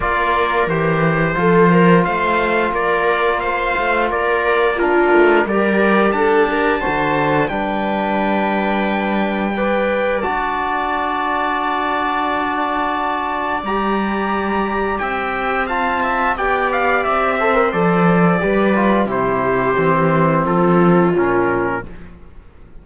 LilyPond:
<<
  \new Staff \with { instrumentName = "trumpet" } { \time 4/4 \tempo 4 = 88 d''4 c''2 f''4 | d''4 f''4 d''4 ais'4 | d''4 a''2 g''4~ | g''2. a''4~ |
a''1 | ais''2 g''4 a''4 | g''8 f''8 e''4 d''2 | c''2 a'4 ais'4 | }
  \new Staff \with { instrumentName = "viola" } { \time 4/4 ais'2 a'8 ais'8 c''4 | ais'4 c''4 ais'4 f'4 | ais'4 a'8 ais'8 c''4 b'4~ | b'2 d''2~ |
d''1~ | d''2 e''4 f''8 e''8 | d''4. c''4. b'4 | g'2 f'2 | }
  \new Staff \with { instrumentName = "trombone" } { \time 4/4 f'4 g'4 f'2~ | f'2. d'4 | g'2 fis'4 d'4~ | d'2 b'4 fis'4~ |
fis'1 | g'2. f'4 | g'4. a'16 ais'16 a'4 g'8 f'8 | e'4 c'2 cis'4 | }
  \new Staff \with { instrumentName = "cello" } { \time 4/4 ais4 e4 f4 a4 | ais4. a8 ais4. a8 | g4 d'4 d4 g4~ | g2. d'4~ |
d'1 | g2 c'2 | b4 c'4 f4 g4 | c4 e4 f4 ais,4 | }
>>